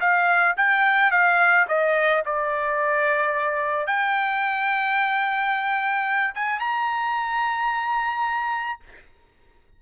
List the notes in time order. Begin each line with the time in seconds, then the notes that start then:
0.00 F5
0.56 G5
1.11 F5
1.68 D#5
2.25 D5
3.86 G5
6.35 G#5
6.59 A#5